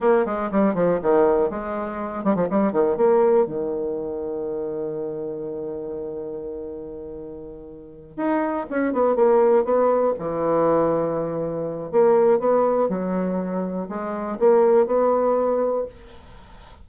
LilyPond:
\new Staff \with { instrumentName = "bassoon" } { \time 4/4 \tempo 4 = 121 ais8 gis8 g8 f8 dis4 gis4~ | gis8 g16 f16 g8 dis8 ais4 dis4~ | dis1~ | dis1~ |
dis8 dis'4 cis'8 b8 ais4 b8~ | b8 e2.~ e8 | ais4 b4 fis2 | gis4 ais4 b2 | }